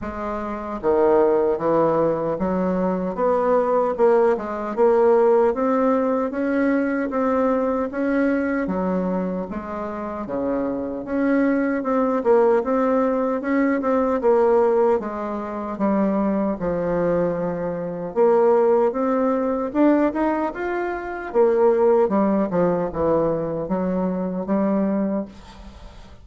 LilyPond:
\new Staff \with { instrumentName = "bassoon" } { \time 4/4 \tempo 4 = 76 gis4 dis4 e4 fis4 | b4 ais8 gis8 ais4 c'4 | cis'4 c'4 cis'4 fis4 | gis4 cis4 cis'4 c'8 ais8 |
c'4 cis'8 c'8 ais4 gis4 | g4 f2 ais4 | c'4 d'8 dis'8 f'4 ais4 | g8 f8 e4 fis4 g4 | }